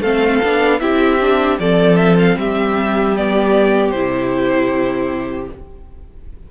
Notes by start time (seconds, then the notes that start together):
0.00 A3 C4 A4 F5
0.43 B3 D4
0.80 C4 E4 G4 E5
1.20 D4
1.59 F3 C4 A4 D5
1.96 E5
2.18 F5
2.36 G3 G4 E5
3.16 B3 D5
3.90 C3 E4 C5